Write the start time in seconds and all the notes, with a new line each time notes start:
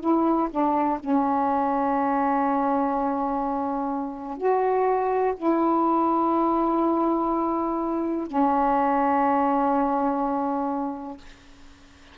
0.00 E4
0.50 D4
1.00 C#4
4.37 F#4
5.36 E4
8.27 C#4